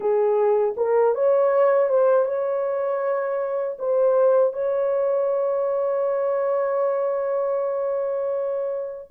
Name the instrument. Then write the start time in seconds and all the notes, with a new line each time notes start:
horn
0.00 G#4
0.76 A#4
1.14 C#5
1.88 C5
2.25 C#5
3.78 C5
4.53 C#5